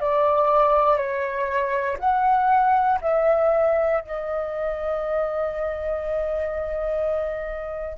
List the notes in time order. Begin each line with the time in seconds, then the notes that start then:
0.00 D5
0.97 C#5
1.99 F#5
3.00 E5
4.00 D#5